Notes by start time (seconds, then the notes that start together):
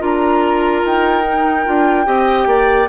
0.00 D4 F4 A#4 A#5
0.85 D#4 G5
1.24 D#4
1.65 D4 F4
2.05 C4 G4 D#5
2.47 A#3 D5